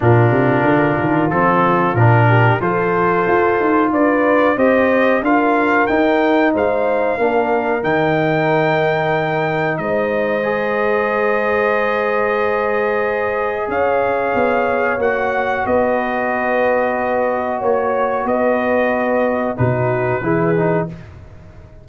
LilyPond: <<
  \new Staff \with { instrumentName = "trumpet" } { \time 4/4 \tempo 4 = 92 ais'2 a'4 ais'4 | c''2 d''4 dis''4 | f''4 g''4 f''2 | g''2. dis''4~ |
dis''1~ | dis''4 f''2 fis''4 | dis''2. cis''4 | dis''2 b'2 | }
  \new Staff \with { instrumentName = "horn" } { \time 4/4 f'2.~ f'8 g'8 | a'2 b'4 c''4 | ais'2 c''4 ais'4~ | ais'2. c''4~ |
c''1~ | c''4 cis''2. | b'2. cis''4 | b'2 fis'4 gis'4 | }
  \new Staff \with { instrumentName = "trombone" } { \time 4/4 d'2 c'4 d'4 | f'2. g'4 | f'4 dis'2 d'4 | dis'1 |
gis'1~ | gis'2. fis'4~ | fis'1~ | fis'2 dis'4 e'8 dis'8 | }
  \new Staff \with { instrumentName = "tuba" } { \time 4/4 ais,8 c8 d8 dis8 f4 ais,4 | f4 f'8 dis'8 d'4 c'4 | d'4 dis'4 gis4 ais4 | dis2. gis4~ |
gis1~ | gis4 cis'4 b4 ais4 | b2. ais4 | b2 b,4 e4 | }
>>